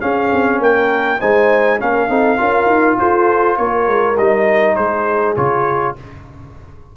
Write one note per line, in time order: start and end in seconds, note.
0.00 1.19 C#4
0.00 0.32 C#4
0.00 0.62 G#4
0.00 0.60 F5
0.33 0.60 C4
0.60 1.19 A#3
0.60 1.20 A#4
0.60 1.21 G5
1.20 1.82 G#3
1.20 1.80 D#4
1.20 1.79 C5
1.20 1.80 G#5
1.80 2.10 A#3
1.80 2.09 C#4
1.80 2.10 A#4
1.80 2.99 F5
2.10 2.39 C4
2.10 2.37 D#4
2.10 2.39 A4
2.37 2.66 C#4
2.37 4.15 F4
2.37 2.98 A#4
2.66 2.96 D#4
2.99 3.59 F4
2.99 3.59 A4
2.99 3.57 C5
3.57 3.88 A#3
3.57 4.76 A#4
3.57 4.17 C#5
3.88 4.18 G#3
4.18 4.77 G3
4.18 5.37 D#4
4.18 4.76 D#5
4.76 5.37 G#3
4.76 5.95 G#4
4.76 5.35 C5
5.37 5.97 C#3
5.37 5.96 F4
5.37 5.96 C#5